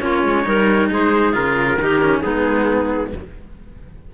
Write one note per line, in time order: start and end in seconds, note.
0.00 0.24 A#3
0.00 0.44 C#4
0.00 0.47 F4
0.00 0.92 C#5
0.24 0.46 G#3
0.45 0.91 G3
0.45 1.33 D#4
0.45 0.91 A#4
0.91 1.36 G#3
0.91 1.80 G#4
0.91 1.36 C5
1.33 1.79 C#3
1.33 1.78 F4
1.33 2.23 A#4
1.79 2.23 D#3
1.79 2.02 D#4
1.79 2.23 G4
2.02 2.24 C#4
2.23 3.14 G#3
2.23 3.13 B3
2.23 3.12 D#4
2.23 3.12 G#4